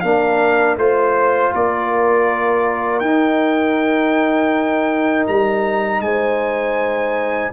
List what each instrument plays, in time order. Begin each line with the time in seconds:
0.00 tuba A#3, trombone D4, horn A#4, trumpet F5
0.76 tuba A3, trombone F4, horn C5, trumpet C5
1.53 tuba A#3, horn A#4, trumpet D5
2.99 tuba D#4, trombone D#4, trumpet G5
5.27 tuba G3, trumpet A#5
6.00 tuba G#3, horn C5, trumpet G#5